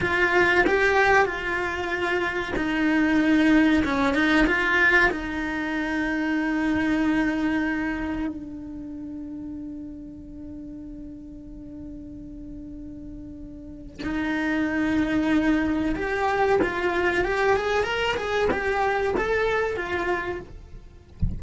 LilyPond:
\new Staff \with { instrumentName = "cello" } { \time 4/4 \tempo 4 = 94 f'4 g'4 f'2 | dis'2 cis'8 dis'8 f'4 | dis'1~ | dis'4 d'2.~ |
d'1~ | d'2 dis'2~ | dis'4 g'4 f'4 g'8 gis'8 | ais'8 gis'8 g'4 a'4 f'4 | }